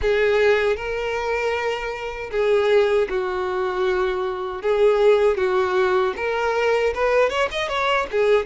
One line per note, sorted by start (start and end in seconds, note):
0.01 0.76 G#4
0.76 2.30 A#4
2.31 3.08 G#4
3.09 4.62 F#4
4.62 5.37 G#4
5.37 6.14 F#4
6.16 6.93 A#4
6.94 7.29 B4
7.29 7.48 C#5
7.51 7.68 D#5
7.68 8.07 C#5
8.11 8.45 G#4